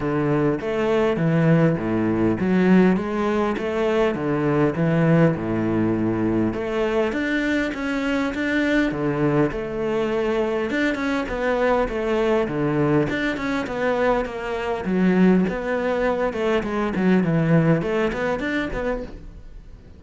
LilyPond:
\new Staff \with { instrumentName = "cello" } { \time 4/4 \tempo 4 = 101 d4 a4 e4 a,4 | fis4 gis4 a4 d4 | e4 a,2 a4 | d'4 cis'4 d'4 d4 |
a2 d'8 cis'8 b4 | a4 d4 d'8 cis'8 b4 | ais4 fis4 b4. a8 | gis8 fis8 e4 a8 b8 d'8 b8 | }